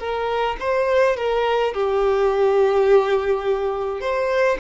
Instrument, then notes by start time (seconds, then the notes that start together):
violin
0.00 A#4
0.60 C5
1.17 A#4
1.74 G4
4.01 C5